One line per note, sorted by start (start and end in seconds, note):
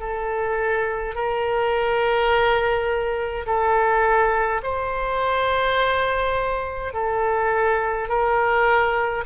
0.00 1.15 A4
1.15 3.46 A#4
3.46 4.62 A4
4.63 6.93 C5
6.93 8.09 A4
8.09 9.24 A#4